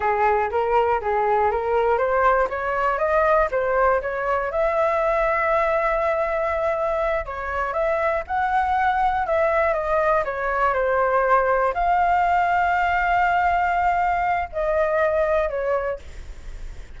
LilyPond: \new Staff \with { instrumentName = "flute" } { \time 4/4 \tempo 4 = 120 gis'4 ais'4 gis'4 ais'4 | c''4 cis''4 dis''4 c''4 | cis''4 e''2.~ | e''2~ e''8 cis''4 e''8~ |
e''8 fis''2 e''4 dis''8~ | dis''8 cis''4 c''2 f''8~ | f''1~ | f''4 dis''2 cis''4 | }